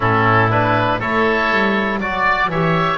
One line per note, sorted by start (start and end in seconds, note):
0.00 1.01 A2
0.00 0.50 C#4
0.00 0.99 E4
0.00 0.50 A4
0.50 1.00 D4
0.50 1.00 B4
0.99 1.50 A3
0.99 2.00 E4
0.99 1.99 A4
0.99 1.99 C#5
1.50 1.98 G3
1.98 2.47 F#3
1.98 2.51 F#4
1.98 2.49 D5
1.98 2.50 D5
2.47 2.97 E3
2.47 2.97 G4
2.47 2.97 C#5
2.47 2.97 E5